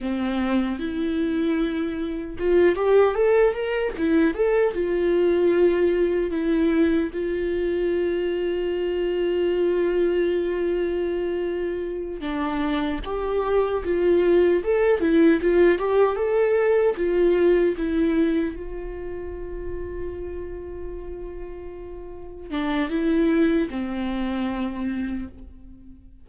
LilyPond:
\new Staff \with { instrumentName = "viola" } { \time 4/4 \tempo 4 = 76 c'4 e'2 f'8 g'8 | a'8 ais'8 e'8 a'8 f'2 | e'4 f'2.~ | f'2.~ f'8 d'8~ |
d'8 g'4 f'4 a'8 e'8 f'8 | g'8 a'4 f'4 e'4 f'8~ | f'1~ | f'8 d'8 e'4 c'2 | }